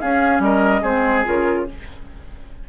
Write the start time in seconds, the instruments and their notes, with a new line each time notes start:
0.00 bassoon C#4, clarinet C#4, oboe G#4, flute F5
0.40 bassoon G3, oboe A#4, flute D#5
0.82 bassoon G#3, clarinet C4, oboe G#4, flute C5
1.25 bassoon C#3, clarinet F4, flute A#4